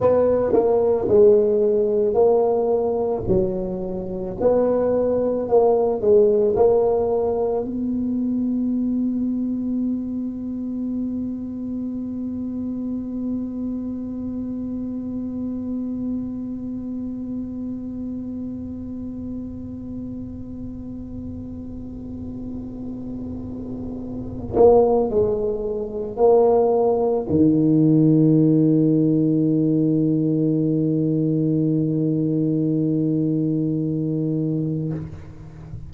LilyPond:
\new Staff \with { instrumentName = "tuba" } { \time 4/4 \tempo 4 = 55 b8 ais8 gis4 ais4 fis4 | b4 ais8 gis8 ais4 b4~ | b1~ | b1~ |
b1~ | b2~ b8 ais8 gis4 | ais4 dis2.~ | dis1 | }